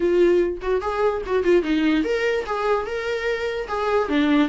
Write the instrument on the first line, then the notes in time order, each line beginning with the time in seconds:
viola
0.00 F4
0.61 F#4
0.81 G#4
1.26 F#4
1.43 F4
1.63 D#4
2.03 A#4
2.46 G#4
2.86 A#4
3.68 G#4
4.08 D4